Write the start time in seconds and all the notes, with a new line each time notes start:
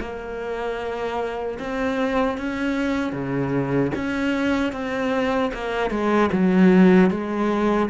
0.00 A#3
1.59 C4
2.37 C#4
3.12 C#3
3.95 C#4
4.72 C4
5.53 A#3
5.90 G#3
6.32 F#3
7.10 G#3